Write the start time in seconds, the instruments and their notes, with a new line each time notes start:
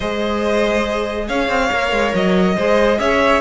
0.00 cello G#3, viola G#4, violin C5 D#5
1.27 cello C#4, violin C#5 F5
1.48 cello C4
1.71 cello A#3, viola A#4
1.91 cello G#3
2.14 cello F#3, violin D#5
2.55 cello G#3, viola G#4, violin C5
2.99 cello C#4, violin C#5 E5